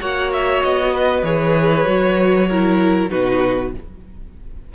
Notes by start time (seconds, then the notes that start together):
0.00 A#3 F#4 C#5 F#5
0.32 E5
0.62 B3 D#5
0.93 B4
1.23 E3 G#4 C#5
1.85 F#3 F#4
2.48 E4 A#4
3.09 B2 D#4 F#4 B4